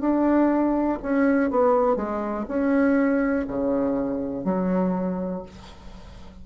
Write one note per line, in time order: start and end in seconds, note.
0.00 0.98 D4
1.02 1.51 C#4
1.51 1.96 B3
1.96 2.45 G#3
2.48 3.46 C#4
3.47 4.44 C#3
4.44 5.43 F#3